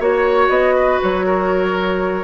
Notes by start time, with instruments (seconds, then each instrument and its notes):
0.00 bassoon A#3, clarinet F#4, oboe C#5, flute C#5
0.49 bassoon B3, flute D#5
0.75 oboe B4
1.02 bassoon F#3, flute C#5
1.26 oboe A#4